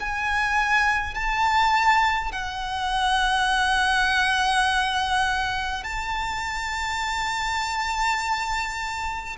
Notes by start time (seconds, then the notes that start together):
0.00 G#5
1.14 A5
2.32 F#5
5.83 A5